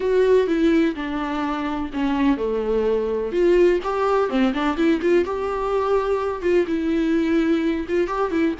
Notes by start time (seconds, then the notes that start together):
0.00 F#4
0.47 E4
0.95 D4
1.93 C#4
2.37 A3
3.31 F4
3.83 G4
4.29 C4
4.53 D4
4.76 E4
5.01 F4
5.24 G4
6.42 F4
6.67 E4
7.88 F4
8.07 G4
8.31 E4